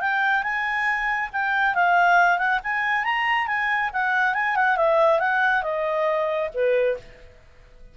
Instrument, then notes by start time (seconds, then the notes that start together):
clarinet
0.00 G5
0.43 G#5
1.32 G5
1.74 F5
2.38 F#5
2.63 G#5
3.04 A#5
3.47 G#5
3.93 F#5
4.34 G#5
4.55 F#5
4.76 E5
5.19 F#5
5.62 D#5
6.54 B4